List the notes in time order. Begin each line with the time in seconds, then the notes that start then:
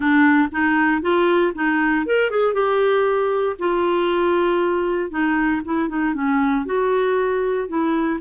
0.00 D4
0.51 D#4
1.01 F4
1.55 D#4
2.06 A#4
2.30 G#4
2.53 G4
3.59 F4
5.10 D#4
5.64 E4
5.88 D#4
6.14 C#4
6.65 F#4
7.68 E4